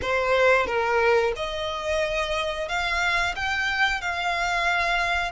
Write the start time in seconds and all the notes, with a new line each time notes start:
0.01 C5
0.66 A#4
1.36 D#5
2.68 F5
3.35 G5
4.01 F5